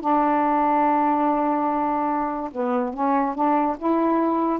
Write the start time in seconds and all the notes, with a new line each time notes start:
0.00 D4
2.52 B3
2.93 C#4
3.34 D4
3.78 E4